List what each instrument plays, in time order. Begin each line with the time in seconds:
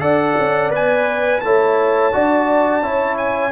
0.00 tuba D4, trombone A4, horn D5, trumpet F#5
0.38 tuba C#4
0.70 tuba B3, trombone B4, trumpet G#5
1.40 tuba A3, trombone E4, horn C#5, trumpet A5
2.12 tuba D4, trombone F#4, horn D5
2.82 tuba C#4, trombone E4, horn C#5
3.17 trumpet G#5